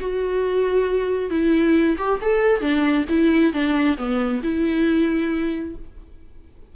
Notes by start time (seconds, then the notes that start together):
0.00 F#4
1.30 E4
1.97 G4
2.21 A4
2.60 D4
3.09 E4
3.53 D4
3.97 B3
4.43 E4